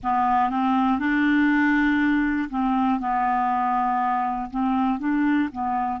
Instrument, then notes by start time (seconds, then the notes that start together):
clarinet
0.03 B3
0.50 C4
0.99 D4
2.50 C4
3.00 B3
4.50 C4
4.99 D4
5.51 B3